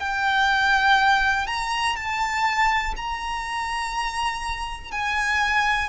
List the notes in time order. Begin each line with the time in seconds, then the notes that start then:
0.00 G5
1.47 A#5
1.96 A5
2.97 A#5
4.92 G#5